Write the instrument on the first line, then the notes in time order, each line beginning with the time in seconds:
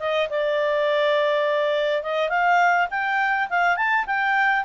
clarinet
0.00 D#5
0.30 D5
2.03 D#5
2.29 F5
2.90 G5
3.50 F5
3.77 A5
4.06 G5